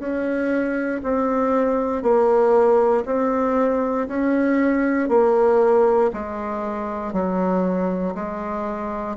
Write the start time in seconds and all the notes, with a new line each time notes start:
0.00 C#4
1.04 C4
2.03 A#3
3.06 C4
4.08 C#4
5.09 A#3
6.13 G#3
7.13 F#3
8.15 G#3